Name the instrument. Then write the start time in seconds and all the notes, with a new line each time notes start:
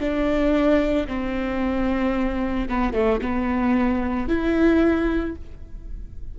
viola
0.00 D4
1.08 C4
2.69 B3
2.93 A3
3.22 B3
4.29 E4